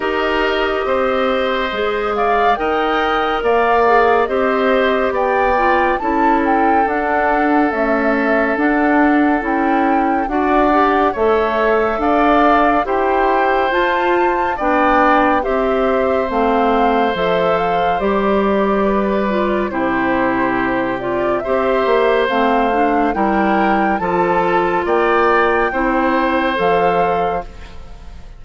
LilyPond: <<
  \new Staff \with { instrumentName = "flute" } { \time 4/4 \tempo 4 = 70 dis''2~ dis''8 f''8 g''4 | f''4 dis''4 g''4 a''8 g''8 | fis''4 e''4 fis''4 g''4 | fis''4 e''4 f''4 g''4 |
a''4 g''4 e''4 f''4 | e''8 f''8 d''2 c''4~ | c''8 d''8 e''4 f''4 g''4 | a''4 g''2 f''4 | }
  \new Staff \with { instrumentName = "oboe" } { \time 4/4 ais'4 c''4. d''8 dis''4 | d''4 c''4 d''4 a'4~ | a'1 | d''4 cis''4 d''4 c''4~ |
c''4 d''4 c''2~ | c''2 b'4 g'4~ | g'4 c''2 ais'4 | a'4 d''4 c''2 | }
  \new Staff \with { instrumentName = "clarinet" } { \time 4/4 g'2 gis'4 ais'4~ | ais'8 gis'8 g'4. f'8 e'4 | d'4 a4 d'4 e'4 | fis'8 g'8 a'2 g'4 |
f'4 d'4 g'4 c'4 | a'4 g'4. f'8 e'4~ | e'8 f'8 g'4 c'8 d'8 e'4 | f'2 e'4 a'4 | }
  \new Staff \with { instrumentName = "bassoon" } { \time 4/4 dis'4 c'4 gis4 dis'4 | ais4 c'4 b4 cis'4 | d'4 cis'4 d'4 cis'4 | d'4 a4 d'4 e'4 |
f'4 b4 c'4 a4 | f4 g2 c4~ | c4 c'8 ais8 a4 g4 | f4 ais4 c'4 f4 | }
>>